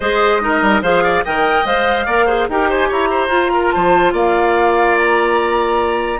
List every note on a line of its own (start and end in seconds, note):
0.00 0.61 G#3
0.00 0.40 G#4
0.00 0.42 C5
0.00 0.82 D#5
0.40 0.82 D#4
0.40 0.82 A#4
0.61 0.81 G3
0.81 1.23 F3
0.81 1.24 G#4
0.81 1.03 C5
0.81 1.24 F5
1.03 1.24 D5
1.24 1.65 D#3
1.24 1.66 A#4
1.24 2.05 D#5
1.24 1.66 G5
1.65 2.06 G#3
1.65 2.07 C5
1.65 2.49 F5
2.05 2.47 A#3
2.05 2.28 A#4
2.05 2.26 D5
2.26 2.48 G#4
2.26 2.46 C5
2.48 2.89 D#4
2.48 3.30 G4
2.48 2.69 A#4
2.48 2.70 G5
2.69 2.88 C5
2.69 2.91 G#5
2.88 3.28 E4
2.88 3.09 C#5
2.88 3.71 A#5
3.10 3.51 C5
3.28 3.70 F4
3.28 6.19 F4
3.53 3.74 A#4
3.71 4.12 F3
3.71 4.13 C5
3.71 4.12 A5
4.12 6.19 A#3
4.12 6.20 D5
4.12 4.97 F5
4.97 6.20 A#5